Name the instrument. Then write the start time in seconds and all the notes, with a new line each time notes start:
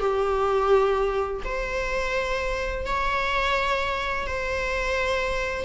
viola
0.00 G4
1.45 C5
2.86 C#5
4.27 C5